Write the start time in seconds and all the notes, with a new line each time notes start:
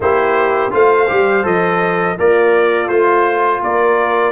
0.00 A#3 E4 G4 C5
0.70 A3 F4 C5 F5
1.08 G3 G4
1.43 F3 A4 D#5
2.17 A#3 F4 A#4 D5
2.88 A3 F4 C5
3.62 A#3 A#4 D5